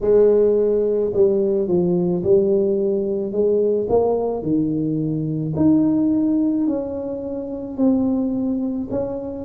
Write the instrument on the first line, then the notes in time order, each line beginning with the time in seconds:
tuba
0.01 G#3
1.13 G3
1.67 F3
2.23 G3
3.31 G#3
3.89 A#3
4.42 D#3
5.56 D#4
6.67 C#4
7.77 C4
8.90 C#4